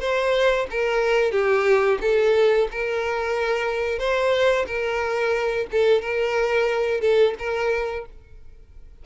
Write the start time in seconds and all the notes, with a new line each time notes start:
0.00 C5
0.71 A#4
1.32 G4
2.02 A4
2.71 A#4
3.99 C5
4.67 A#4
5.72 A4
6.02 A#4
7.01 A4
7.39 A#4